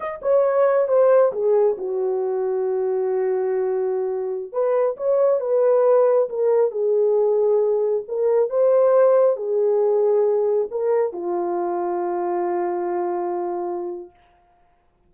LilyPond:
\new Staff \with { instrumentName = "horn" } { \time 4/4 \tempo 4 = 136 dis''8 cis''4. c''4 gis'4 | fis'1~ | fis'2~ fis'16 b'4 cis''8.~ | cis''16 b'2 ais'4 gis'8.~ |
gis'2~ gis'16 ais'4 c''8.~ | c''4~ c''16 gis'2~ gis'8.~ | gis'16 ais'4 f'2~ f'8.~ | f'1 | }